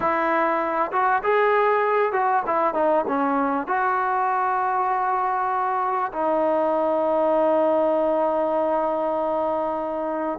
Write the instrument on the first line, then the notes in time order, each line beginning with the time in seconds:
trombone
0.00 E4
0.92 F#4
1.23 G#4
2.12 F#4
2.46 E4
2.74 D#4
3.07 C#4
3.67 F#4
6.12 D#4